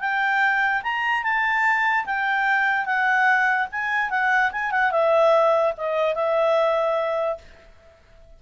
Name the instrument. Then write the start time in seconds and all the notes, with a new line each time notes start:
clarinet
0.00 G5
0.83 A#5
1.23 A5
2.06 G5
2.85 F#5
3.72 G#5
4.10 F#5
4.52 G#5
4.71 F#5
4.91 E5
5.77 D#5
6.15 E5